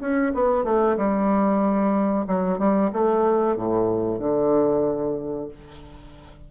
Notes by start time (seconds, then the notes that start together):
0.00 C#4
0.34 B3
0.64 A3
0.96 G3
2.27 F#3
2.58 G3
2.92 A3
3.56 A2
4.19 D3